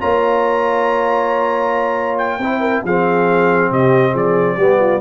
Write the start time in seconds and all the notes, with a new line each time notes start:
0.00 A#3 F4 C#5 A#5
2.18 G5
2.38 C4 E4 C5
2.60 A#4
2.84 F3 C4 G#4 F5
3.70 C3 G4 D#5
4.12 F3 G#4 D5
4.56 G3 B3 G4
4.79 F4